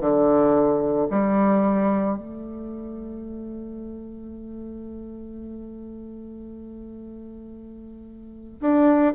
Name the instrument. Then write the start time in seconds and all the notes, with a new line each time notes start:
bassoon
0.00 D3
1.10 G3
2.17 A3
8.61 D4